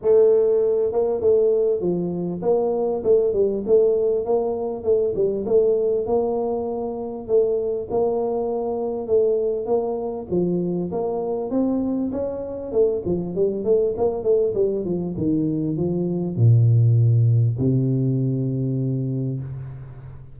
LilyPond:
\new Staff \with { instrumentName = "tuba" } { \time 4/4 \tempo 4 = 99 a4. ais8 a4 f4 | ais4 a8 g8 a4 ais4 | a8 g8 a4 ais2 | a4 ais2 a4 |
ais4 f4 ais4 c'4 | cis'4 a8 f8 g8 a8 ais8 a8 | g8 f8 dis4 f4 ais,4~ | ais,4 c2. | }